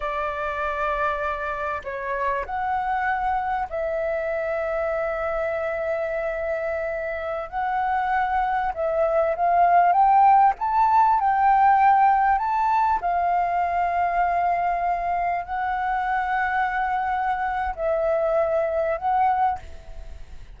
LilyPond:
\new Staff \with { instrumentName = "flute" } { \time 4/4 \tempo 4 = 98 d''2. cis''4 | fis''2 e''2~ | e''1~ | e''16 fis''2 e''4 f''8.~ |
f''16 g''4 a''4 g''4.~ g''16~ | g''16 a''4 f''2~ f''8.~ | f''4~ f''16 fis''2~ fis''8.~ | fis''4 e''2 fis''4 | }